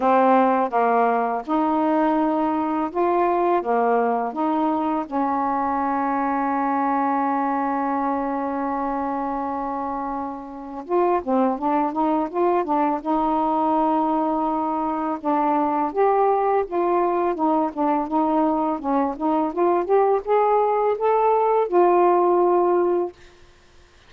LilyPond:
\new Staff \with { instrumentName = "saxophone" } { \time 4/4 \tempo 4 = 83 c'4 ais4 dis'2 | f'4 ais4 dis'4 cis'4~ | cis'1~ | cis'2. f'8 c'8 |
d'8 dis'8 f'8 d'8 dis'2~ | dis'4 d'4 g'4 f'4 | dis'8 d'8 dis'4 cis'8 dis'8 f'8 g'8 | gis'4 a'4 f'2 | }